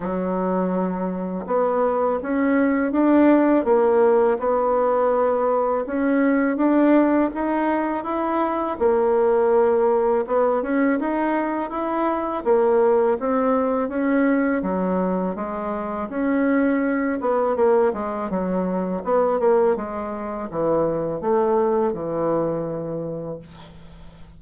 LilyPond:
\new Staff \with { instrumentName = "bassoon" } { \time 4/4 \tempo 4 = 82 fis2 b4 cis'4 | d'4 ais4 b2 | cis'4 d'4 dis'4 e'4 | ais2 b8 cis'8 dis'4 |
e'4 ais4 c'4 cis'4 | fis4 gis4 cis'4. b8 | ais8 gis8 fis4 b8 ais8 gis4 | e4 a4 e2 | }